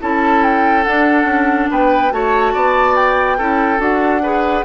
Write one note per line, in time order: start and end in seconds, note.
0.00 0.86 C#4
0.00 0.85 E4
0.00 1.70 A4
0.00 0.43 A5
0.43 0.83 G5
0.83 2.10 D4
0.83 1.24 D4
0.83 1.68 F#5
1.24 1.66 C#4
1.70 2.11 B3
1.70 2.13 B4
1.70 2.12 G5
2.10 2.53 A3
2.10 3.37 F#4
2.10 2.53 C#5
2.10 2.96 A5
2.53 3.39 B3
2.53 3.37 D5
2.96 3.80 G5
3.37 3.79 C#4
3.37 3.77 E4
3.37 4.22 A4
3.77 4.63 D4
3.77 4.19 F#4
3.77 4.64 F#5
4.22 4.64 G#4
4.22 4.64 B4